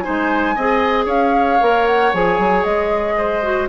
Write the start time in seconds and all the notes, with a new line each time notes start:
0.00 D#4 C5 G#5
0.08 G#3
0.55 C4 G#4 D#5
1.06 C#4 C#5 F5
1.60 A#3 A#4
1.87 F#5
2.13 F3 G#4 G#5
2.39 F#3
2.64 G#3 D#5
3.18 C5
3.43 F#4